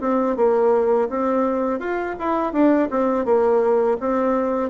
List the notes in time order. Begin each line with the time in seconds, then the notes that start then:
0.00 C4
0.36 A#3
1.09 C4
1.79 F4
2.19 E4
2.52 D4
2.90 C4
3.25 A#3
4.00 C4